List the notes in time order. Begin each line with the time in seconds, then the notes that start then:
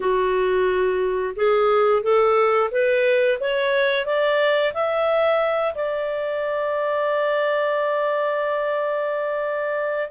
0.00 F#4
1.35 G#4
2.02 A4
2.71 B4
3.40 C#5
4.05 D5
4.73 E5
5.75 D5